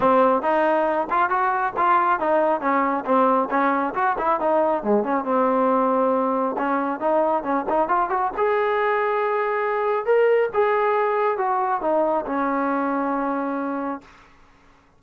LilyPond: \new Staff \with { instrumentName = "trombone" } { \time 4/4 \tempo 4 = 137 c'4 dis'4. f'8 fis'4 | f'4 dis'4 cis'4 c'4 | cis'4 fis'8 e'8 dis'4 gis8 cis'8 | c'2. cis'4 |
dis'4 cis'8 dis'8 f'8 fis'8 gis'4~ | gis'2. ais'4 | gis'2 fis'4 dis'4 | cis'1 | }